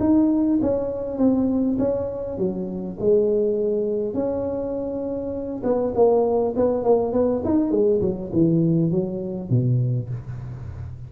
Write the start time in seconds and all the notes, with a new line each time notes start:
0.00 D#4
0.62 C#4
1.18 C4
1.79 C#4
2.38 F#3
3.00 G#3
4.14 C#4
5.63 B3
5.95 A#3
6.56 B3
6.84 A#3
7.13 B3
7.45 D#4
7.71 G#3
8.01 F#3
8.32 E3
8.91 F#3
9.50 B2